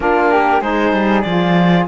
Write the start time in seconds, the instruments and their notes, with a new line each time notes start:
0.00 cello A#3, saxophone D4, flute F4, clarinet A#4
0.31 flute G4
0.61 cello G#3, saxophone D#4, flute G#4, clarinet C5
0.92 cello G3
1.21 cello F3, saxophone F4, clarinet D5